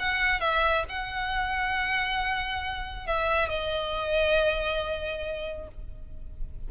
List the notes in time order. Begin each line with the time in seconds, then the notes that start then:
0.00 F#5
0.41 E5
0.90 F#5
3.07 E5
3.49 D#5